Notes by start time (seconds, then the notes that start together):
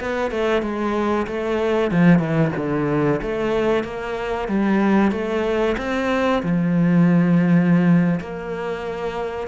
0.00 B3
0.30 A3
0.62 G#3
1.26 A3
1.90 F3
2.19 E3
2.56 D3
3.21 A3
3.84 A#3
4.48 G3
5.11 A3
5.77 C4
6.42 F3
8.20 A#3